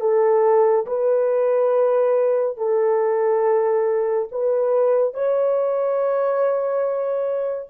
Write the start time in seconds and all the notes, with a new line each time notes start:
0.00 A4
0.86 B4
2.57 A4
4.31 B4
5.14 C#5